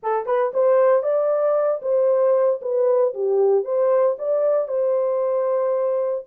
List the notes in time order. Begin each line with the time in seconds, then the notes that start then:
0.02 A4
0.25 B4
0.53 C5
1.02 D5
1.82 C5
2.61 B4
3.14 G4
3.64 C5
4.18 D5
4.68 C5